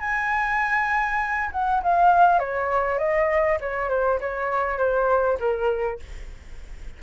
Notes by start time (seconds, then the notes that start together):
0.00 G#5
1.52 F#5
1.83 F5
2.39 C#5
2.99 D#5
3.61 C#5
3.89 C5
4.21 C#5
4.78 C5
5.40 A#4